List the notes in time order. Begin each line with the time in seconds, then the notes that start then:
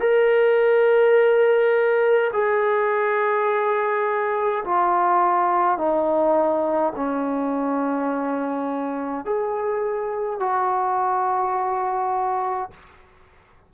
0.00 A#4
2.33 G#4
4.65 F4
5.78 D#4
6.96 C#4
9.25 G#4
10.40 F#4